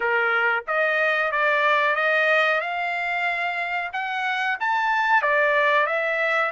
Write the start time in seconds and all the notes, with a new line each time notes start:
0.00 A#4
0.67 D#5
1.31 D5
1.95 D#5
2.61 F5
3.92 F#5
4.60 A5
5.21 D5
5.86 E5